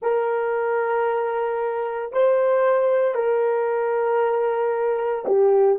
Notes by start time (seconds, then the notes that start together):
0.02 A#4
2.12 C5
3.14 A#4
5.26 G4